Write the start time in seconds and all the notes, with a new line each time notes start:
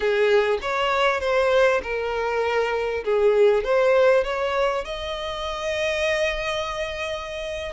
0.00 G#4
0.61 C#5
1.20 C5
1.82 A#4
3.04 G#4
3.64 C5
4.24 C#5
4.85 D#5